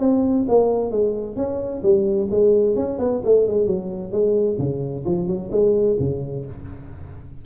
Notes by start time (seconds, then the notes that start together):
0.00 C4
0.49 A#3
0.91 G#3
1.36 C#4
1.83 G3
2.31 G#3
2.76 C#4
2.99 B3
3.25 A3
3.48 G#3
3.67 F#3
4.12 G#3
4.59 C#3
5.06 F3
5.28 F#3
5.52 G#3
6.00 C#3